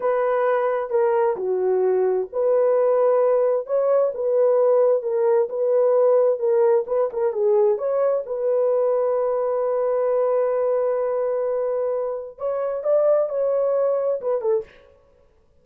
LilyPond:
\new Staff \with { instrumentName = "horn" } { \time 4/4 \tempo 4 = 131 b'2 ais'4 fis'4~ | fis'4 b'2. | cis''4 b'2 ais'4 | b'2 ais'4 b'8 ais'8 |
gis'4 cis''4 b'2~ | b'1~ | b'2. cis''4 | d''4 cis''2 b'8 a'8 | }